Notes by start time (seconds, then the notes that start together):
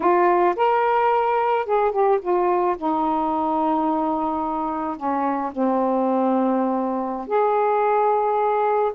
0.00 F4
0.56 A#4
1.65 G#4
1.91 G4
2.21 F4
2.77 D#4
4.96 C#4
5.52 C4
7.27 G#4